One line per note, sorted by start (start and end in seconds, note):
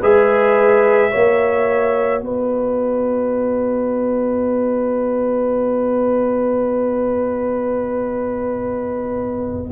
0.00 1.13 G#3
0.00 1.11 G#4
0.00 1.11 B4
0.00 2.22 E5
1.11 2.22 A#3
1.11 9.72 F#4
1.11 2.22 C#5
2.22 9.72 B3
2.22 9.72 B4
2.22 9.72 D#5